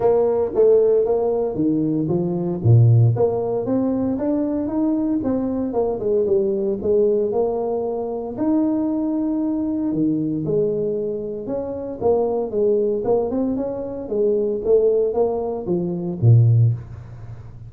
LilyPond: \new Staff \with { instrumentName = "tuba" } { \time 4/4 \tempo 4 = 115 ais4 a4 ais4 dis4 | f4 ais,4 ais4 c'4 | d'4 dis'4 c'4 ais8 gis8 | g4 gis4 ais2 |
dis'2. dis4 | gis2 cis'4 ais4 | gis4 ais8 c'8 cis'4 gis4 | a4 ais4 f4 ais,4 | }